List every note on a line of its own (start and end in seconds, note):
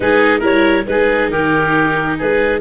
0.00 0.42 G#3
0.00 0.40 D#4
0.00 0.39 G#4
0.00 0.41 B4
0.39 0.86 G3
0.39 0.84 E4
0.39 0.83 A#4
0.39 0.86 C#5
0.86 1.29 G#3
0.86 2.60 D#4
0.86 1.31 G#4
0.86 1.30 B4
1.29 2.16 D#3
1.29 2.18 G4
1.29 2.17 A#4
2.18 2.60 G#3
2.18 2.60 G#4
2.18 2.60 B4